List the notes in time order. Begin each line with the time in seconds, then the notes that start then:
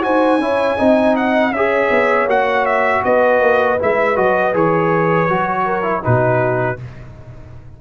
0.00 D#4 F#4 C5 G#5
0.38 C#4 E4 C#5
0.77 C4 D#4 D#5
1.15 F#5
1.52 C#4 G#4 C#5 E5
1.90 B3
2.26 A#3 F#4 F#5
2.65 E5
3.04 B3 B4 D#5
3.40 A#3
3.78 G#3 E4 E5
4.15 F#3 F#4 D#5
4.53 E3 G#4 C#5
5.28 F#3 F#4
5.64 A#4
5.82 E4
6.01 B2 D#4 F#4 B4